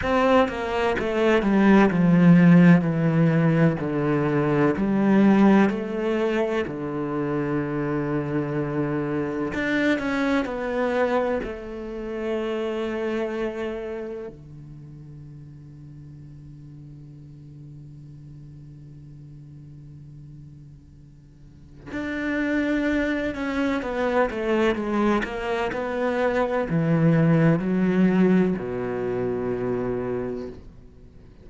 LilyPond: \new Staff \with { instrumentName = "cello" } { \time 4/4 \tempo 4 = 63 c'8 ais8 a8 g8 f4 e4 | d4 g4 a4 d4~ | d2 d'8 cis'8 b4 | a2. d4~ |
d1~ | d2. d'4~ | d'8 cis'8 b8 a8 gis8 ais8 b4 | e4 fis4 b,2 | }